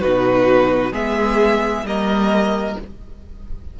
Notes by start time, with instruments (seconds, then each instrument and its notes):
0.00 cello B2, viola D#4, violin F#4 B4
0.92 cello G#3, viola B3, violin G#4 E5
1.84 cello G3, viola A#3, violin A#4 D#5